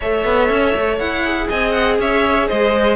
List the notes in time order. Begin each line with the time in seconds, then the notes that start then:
0.00 A3 A4 C#5 E5
0.24 B3
0.49 C#4
0.75 A3
0.98 E4 F#5
1.24 G#4
1.48 C4 D#5 G#5
1.71 F#5
1.99 C#4 C#5 E5
2.48 G#3 C5 D#5